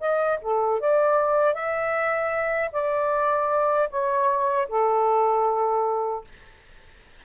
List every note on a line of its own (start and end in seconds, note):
0.00 0.39 D#5
0.41 0.80 A4
0.80 1.54 D5
1.54 2.71 E5
2.72 3.89 D5
3.90 4.68 C#5
4.68 6.24 A4